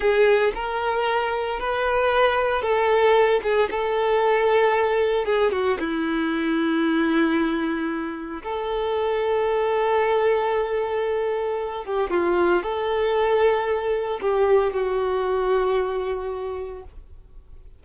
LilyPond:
\new Staff \with { instrumentName = "violin" } { \time 4/4 \tempo 4 = 114 gis'4 ais'2 b'4~ | b'4 a'4. gis'8 a'4~ | a'2 gis'8 fis'8 e'4~ | e'1 |
a'1~ | a'2~ a'8 g'8 f'4 | a'2. g'4 | fis'1 | }